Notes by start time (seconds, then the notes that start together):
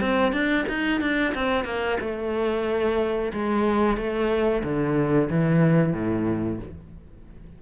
0.00 C4
0.32 D4
0.68 D#4
1.00 D4
1.34 C4
1.64 A#3
2.00 A3
3.33 G#3
3.97 A3
4.63 D3
5.29 E3
5.93 A2